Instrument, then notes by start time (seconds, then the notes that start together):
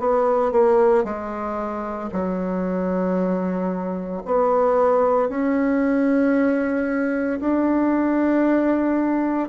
bassoon
0.00 B3
0.52 A#3
1.05 G#3
2.12 F#3
4.26 B3
5.30 C#4
7.41 D4